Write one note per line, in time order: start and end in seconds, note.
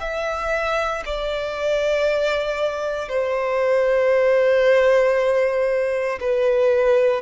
0.00 1.03 E5
1.05 3.08 D5
3.08 6.19 C5
6.20 7.21 B4